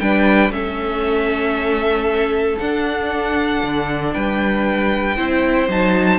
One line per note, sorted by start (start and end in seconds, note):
0.00 0.50 G3
0.00 0.52 D4
0.00 0.53 B4
0.00 0.52 G5
0.50 2.57 A3
0.50 2.59 C#4
0.50 4.14 A4
0.50 2.59 E5
2.59 5.17 D4
2.59 3.63 D4
2.59 4.14 F#5
3.63 4.15 D3
4.14 5.17 G3
4.14 5.17 B4
4.14 5.69 G5
5.17 5.68 C4
5.17 5.69 E4
5.17 6.20 C5
5.68 6.20 F#3
5.68 6.20 D#4
5.68 6.20 A5